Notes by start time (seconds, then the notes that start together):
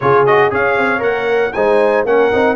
0.00 C#3 F4 G#4 C#5
0.25 F#4 D#5
0.50 C#4 G#4 C#5 F5
0.77 C4
0.98 A#3 A#4 F#5
1.52 G#3 D#4 C5 G#5
2.05 A#3 C#4 A#4 F#5
2.31 C4 D#4